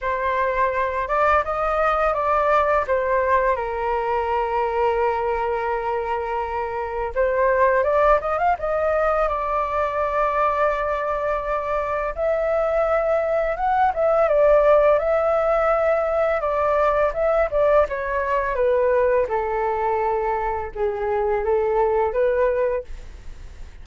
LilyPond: \new Staff \with { instrumentName = "flute" } { \time 4/4 \tempo 4 = 84 c''4. d''8 dis''4 d''4 | c''4 ais'2.~ | ais'2 c''4 d''8 dis''16 f''16 | dis''4 d''2.~ |
d''4 e''2 fis''8 e''8 | d''4 e''2 d''4 | e''8 d''8 cis''4 b'4 a'4~ | a'4 gis'4 a'4 b'4 | }